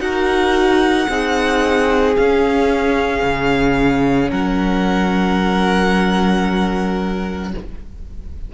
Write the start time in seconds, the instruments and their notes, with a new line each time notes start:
0.00 cello D#4, viola F#4, violin A#4 F#5
1.09 cello C4, viola D#4, violin G#4
2.17 viola C#4, cello C#4, violin F5
3.23 cello C#3
4.30 cello F#3, violin A#4 F#5